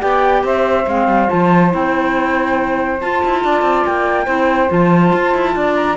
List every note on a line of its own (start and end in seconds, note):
0.00 0.44 B3
0.00 0.85 G4
0.00 0.43 D5
0.00 0.45 G5
0.44 0.86 C4
0.44 3.42 C5
0.44 0.89 E5
0.87 1.08 G#3
0.87 1.28 C4
0.87 1.30 F5
1.08 1.29 G3
1.28 1.74 F3
1.28 1.70 F4
1.28 1.73 A5
1.70 3.02 C4
1.70 2.98 E4
1.70 3.01 G5
3.01 4.27 F4
3.01 3.24 F4
3.01 3.86 A5
3.25 3.45 E4
3.45 3.62 D4
3.45 4.25 D5
3.62 3.84 C4
3.86 4.27 A#3
3.86 4.71 G5
4.25 4.70 C4
4.25 4.68 E4
4.25 5.52 C5
4.68 5.14 F3
4.68 5.96 F4
4.68 5.76 A5
5.14 5.35 F4
5.35 5.56 E4
5.56 5.98 D4
5.56 5.98 D5
5.76 5.97 A#5